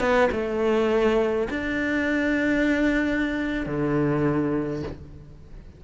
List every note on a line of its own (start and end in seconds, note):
0.00 0.29 B3
0.32 1.48 A3
1.50 3.66 D4
3.66 4.83 D3